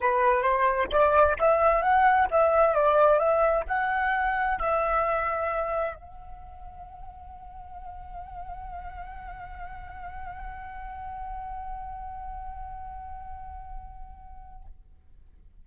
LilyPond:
\new Staff \with { instrumentName = "flute" } { \time 4/4 \tempo 4 = 131 b'4 c''4 d''4 e''4 | fis''4 e''4 d''4 e''4 | fis''2 e''2~ | e''4 fis''2.~ |
fis''1~ | fis''1~ | fis''1~ | fis''1 | }